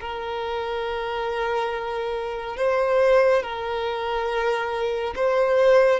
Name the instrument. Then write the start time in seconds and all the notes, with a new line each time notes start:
violin
0.00 A#4
2.57 C5
3.42 A#4
5.15 C5